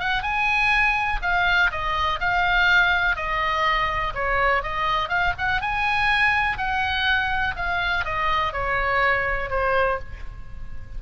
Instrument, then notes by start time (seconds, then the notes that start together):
oboe
0.00 F#5
0.23 G#5
1.22 F5
1.71 D#5
2.20 F5
3.17 D#5
4.15 C#5
4.63 D#5
5.09 F5
5.39 F#5
5.62 G#5
6.58 F#5
7.56 F5
8.05 D#5
8.53 C#5
9.50 C5